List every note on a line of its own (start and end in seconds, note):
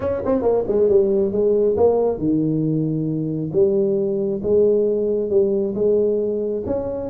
0.00 0.21 C#4
0.25 0.42 C4
0.42 0.64 A#3
0.67 0.89 G#3
0.89 1.32 G3
1.32 1.76 G#3
1.76 2.18 A#3
2.18 3.51 D#3
3.53 4.41 G3
4.43 5.30 G#3
5.30 5.74 G3
5.75 6.63 G#3
6.66 7.10 C#4